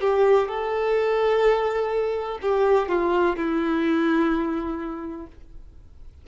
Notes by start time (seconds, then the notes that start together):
0.00 G4
0.48 A4
2.42 G4
2.88 F4
3.36 E4